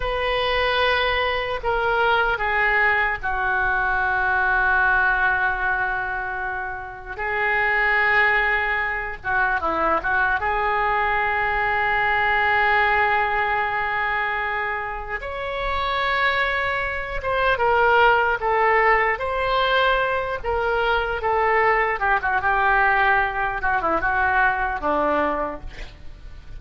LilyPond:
\new Staff \with { instrumentName = "oboe" } { \time 4/4 \tempo 4 = 75 b'2 ais'4 gis'4 | fis'1~ | fis'4 gis'2~ gis'8 fis'8 | e'8 fis'8 gis'2.~ |
gis'2. cis''4~ | cis''4. c''8 ais'4 a'4 | c''4. ais'4 a'4 g'16 fis'16 | g'4. fis'16 e'16 fis'4 d'4 | }